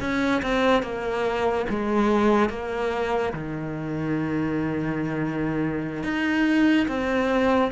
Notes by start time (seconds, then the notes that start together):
0.00 C#4
0.42 C4
0.82 A#3
1.69 G#3
2.49 A#3
3.33 D#3
6.03 D#4
6.88 C4